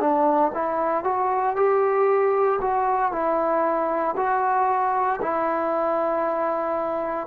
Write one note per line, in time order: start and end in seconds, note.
0.00 0.52 D4
0.54 1.04 E4
1.04 1.56 F#4
1.56 2.60 G4
2.61 3.12 F#4
3.12 4.15 E4
4.17 5.20 F#4
5.21 7.27 E4